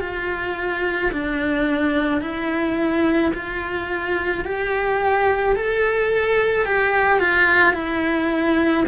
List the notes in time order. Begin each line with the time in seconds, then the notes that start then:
0.00 F4
1.12 D4
2.21 E4
3.34 F4
4.44 G4
5.56 A4
6.66 G4
7.19 F4
7.73 E4